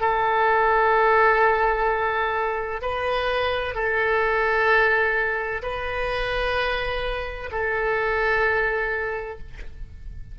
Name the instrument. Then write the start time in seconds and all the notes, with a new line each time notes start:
oboe
0.00 A4
2.81 B4
3.75 A4
5.62 B4
7.51 A4